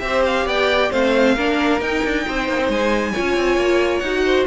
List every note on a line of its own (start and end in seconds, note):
0.00 0.46 C4
0.00 0.92 G4
0.00 0.22 E5
0.06 0.47 C5
0.26 0.48 F5
0.46 0.90 B3
0.46 0.91 D5
0.46 0.92 G5
0.91 1.37 A3
0.91 1.37 C4
0.91 1.35 C5
0.91 1.81 F5
1.35 1.81 A#3
1.35 1.80 D4
1.35 2.24 A#4
1.80 3.14 D#4
1.80 2.03 D#4
1.80 2.71 G5
2.04 2.27 D4
2.28 2.49 C4
2.28 3.12 C5
2.49 2.58 A#3
2.58 2.69 C4
2.69 3.14 G#3
2.69 3.99 G#5
3.12 4.04 F4
3.12 4.24 C#5
3.20 3.37 C#4
3.37 3.57 C4
3.57 4.01 A#3
3.99 4.46 D#4
3.99 4.44 F#5
4.06 4.47 F#4
4.26 4.47 C5